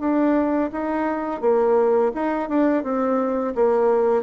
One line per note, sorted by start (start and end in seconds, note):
0.00 0.71 D4
0.73 1.41 D#4
1.41 2.12 A#3
2.15 2.49 D#4
2.49 2.84 D4
2.84 3.55 C4
3.55 4.23 A#3